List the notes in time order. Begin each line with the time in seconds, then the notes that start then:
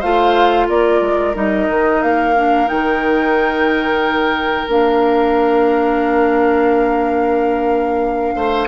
0.00 A3 F4 C5 F5
0.68 A#3 A#4 D5
1.01 G#3
1.35 G3 D#4 D#5
1.69 D#3
2.03 A#3 F5
2.37 D4
2.67 D#3 D#4 G5
4.68 A#3 D4 F5
8.35 A3 C5